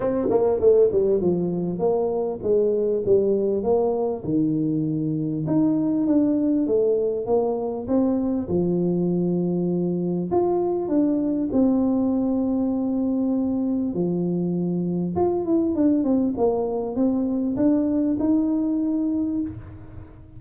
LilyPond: \new Staff \with { instrumentName = "tuba" } { \time 4/4 \tempo 4 = 99 c'8 ais8 a8 g8 f4 ais4 | gis4 g4 ais4 dis4~ | dis4 dis'4 d'4 a4 | ais4 c'4 f2~ |
f4 f'4 d'4 c'4~ | c'2. f4~ | f4 f'8 e'8 d'8 c'8 ais4 | c'4 d'4 dis'2 | }